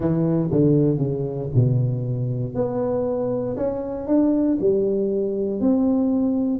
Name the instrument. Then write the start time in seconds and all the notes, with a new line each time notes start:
tuba
0.00 E3
0.51 D3
0.98 C#3
1.55 B2
2.54 B3
3.56 C#4
4.07 D4
4.60 G3
5.60 C4